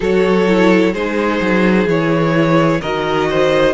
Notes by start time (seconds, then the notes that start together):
0.00 F#3 F#4 A4 C#5
0.47 E4
0.93 G#3 D#4 G#4 C5
1.41 F#3
1.85 E3 E4 C#5
2.81 D#3 F#4 A#4 D#5
3.29 C5